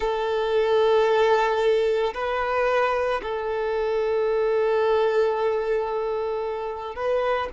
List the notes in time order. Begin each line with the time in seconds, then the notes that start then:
0.00 A4
2.14 B4
3.22 A4
6.95 B4